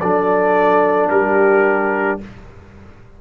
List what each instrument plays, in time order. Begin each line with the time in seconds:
0.00 tuba F#3, trombone D4, horn A4, trumpet D5
1.10 tuba G3, horn G4, trumpet A#4